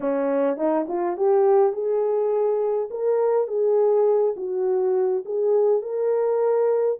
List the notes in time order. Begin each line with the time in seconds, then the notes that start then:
0.00 C#4
0.56 D#4
0.87 F4
1.17 G4
1.72 G#4
2.90 A#4
3.47 G#4
4.36 F#4
5.25 G#4
5.82 A#4